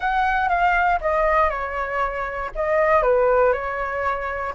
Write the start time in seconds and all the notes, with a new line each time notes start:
0.00 F#5
0.48 F5
1.00 D#5
1.49 C#5
2.55 D#5
3.02 B4
3.52 C#5